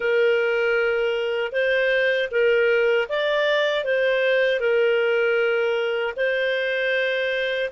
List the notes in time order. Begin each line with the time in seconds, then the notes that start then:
0.00 A#4
1.52 C5
2.31 A#4
3.08 D5
3.84 C5
4.60 A#4
6.16 C5